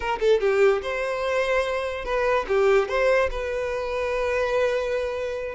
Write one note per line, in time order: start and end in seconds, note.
0.00 0.19 A#4
0.20 0.40 A4
0.40 0.81 G4
0.82 2.04 C5
2.04 2.45 B4
2.48 2.88 G4
2.88 3.29 C5
3.30 5.54 B4